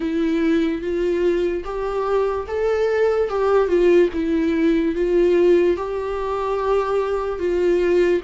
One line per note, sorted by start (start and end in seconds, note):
0.00 0.81 E4
0.81 1.63 F4
1.64 2.46 G4
2.47 3.29 A4
3.29 3.68 G4
3.68 4.09 F4
4.13 4.95 E4
4.95 5.76 F4
5.76 7.39 G4
7.39 8.21 F4